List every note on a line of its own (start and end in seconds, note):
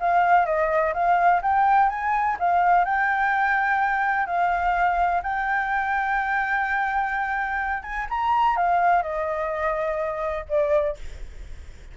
0.00 0.45 F5
0.45 0.93 D#5
0.94 1.41 F5
1.42 1.89 G5
1.89 2.37 G#5
2.39 2.85 F5
2.85 4.26 G5
4.26 5.22 F5
5.23 7.83 G5
7.83 8.07 G#5
8.10 8.56 A#5
8.56 9.02 F5
9.02 10.45 D#5
10.49 10.97 D5